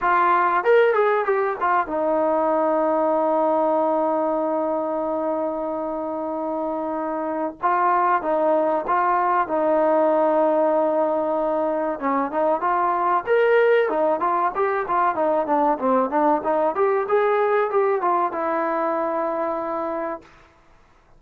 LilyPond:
\new Staff \with { instrumentName = "trombone" } { \time 4/4 \tempo 4 = 95 f'4 ais'8 gis'8 g'8 f'8 dis'4~ | dis'1~ | dis'1 | f'4 dis'4 f'4 dis'4~ |
dis'2. cis'8 dis'8 | f'4 ais'4 dis'8 f'8 g'8 f'8 | dis'8 d'8 c'8 d'8 dis'8 g'8 gis'4 | g'8 f'8 e'2. | }